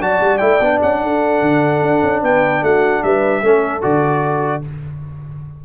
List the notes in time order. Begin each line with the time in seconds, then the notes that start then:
0.00 F#3 F#4 D5 A5
0.21 G3
0.38 A3 E4 G5
0.60 B3 D4
0.83 C#4 F#5
1.01 D4 A4
1.41 D3
1.82 D4
2.03 C#4
2.22 B3 B4 G5
2.62 A3 F#4 F#5
3.03 G3 B4 E5
3.42 A3 C#4 A4
3.82 D3 F#4 D5